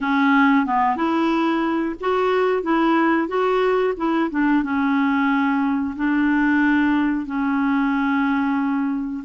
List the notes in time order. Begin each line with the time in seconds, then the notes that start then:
0.00 C#4
0.66 B3
0.96 E4
2.00 F#4
2.62 E4
3.28 F#4
3.97 E4
4.30 D4
4.63 C#4
5.96 D4
7.26 C#4